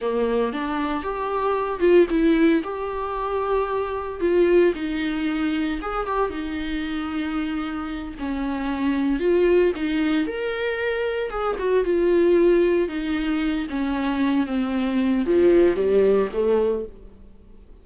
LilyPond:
\new Staff \with { instrumentName = "viola" } { \time 4/4 \tempo 4 = 114 ais4 d'4 g'4. f'8 | e'4 g'2. | f'4 dis'2 gis'8 g'8 | dis'2.~ dis'8 cis'8~ |
cis'4. f'4 dis'4 ais'8~ | ais'4. gis'8 fis'8 f'4.~ | f'8 dis'4. cis'4. c'8~ | c'4 f4 g4 a4 | }